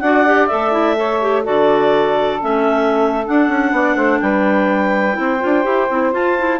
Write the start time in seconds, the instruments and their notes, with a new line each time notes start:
0.00 bassoon D4, clarinet F#4 F#5, saxophone D5
0.26 clarinet G4
0.47 bassoon A3, clarinet A4 E5
0.72 clarinet E4
0.96 clarinet A4, saxophone C#5
1.21 clarinet G4
1.43 bassoon D3, clarinet F#4 D5, saxophone A4
2.40 bassoon A3, clarinet C#4 E5
3.25 clarinet D4 F#5, bassoon D4
3.48 bassoon C#4
3.71 bassoon B3, saxophone D5
3.95 bassoon A3, saxophone C5
4.20 bassoon G3, saxophone B4, clarinet G5
5.13 bassoon C4, clarinet E4, saxophone C5
5.39 bassoon D4, clarinet F4
5.63 bassoon E4, clarinet G4
5.89 bassoon C4, clarinet E4
6.12 clarinet F4 A5, bassoon F4
6.38 clarinet E4